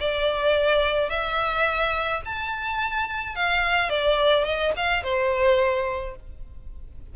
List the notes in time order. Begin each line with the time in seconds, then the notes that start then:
0.00 D5
1.10 E5
2.25 A5
3.35 F5
3.90 D5
4.45 D#5
4.77 F5
5.04 C5